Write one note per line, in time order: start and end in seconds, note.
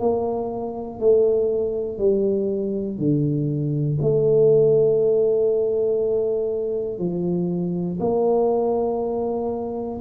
0.00 1.00 A#3
1.00 1.99 A3
1.99 2.98 G3
2.98 3.98 D3
4.01 6.99 A3
6.99 7.99 F3
8.00 10.00 A#3